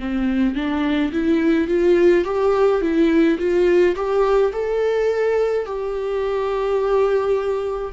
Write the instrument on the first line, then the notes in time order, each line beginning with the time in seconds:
viola
0.00 C4
0.56 D4
1.13 E4
1.68 F4
2.25 G4
2.82 E4
3.39 F4
3.96 G4
4.53 A4
5.66 G4